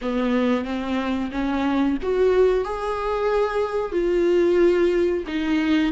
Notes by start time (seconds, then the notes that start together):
0.01 B3
0.64 C4
1.31 C#4
2.02 F#4
2.64 G#4
3.92 F4
5.27 D#4